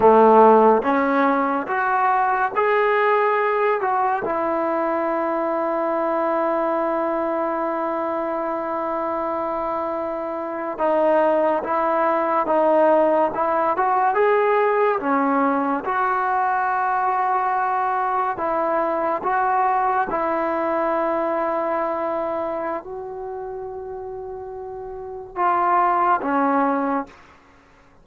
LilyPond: \new Staff \with { instrumentName = "trombone" } { \time 4/4 \tempo 4 = 71 a4 cis'4 fis'4 gis'4~ | gis'8 fis'8 e'2.~ | e'1~ | e'8. dis'4 e'4 dis'4 e'16~ |
e'16 fis'8 gis'4 cis'4 fis'4~ fis'16~ | fis'4.~ fis'16 e'4 fis'4 e'16~ | e'2. fis'4~ | fis'2 f'4 cis'4 | }